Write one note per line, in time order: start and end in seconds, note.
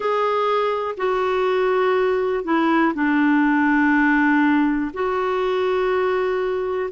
0.00 0.95 G#4
0.97 2.44 F#4
2.44 2.93 E4
2.94 4.91 D4
4.93 6.90 F#4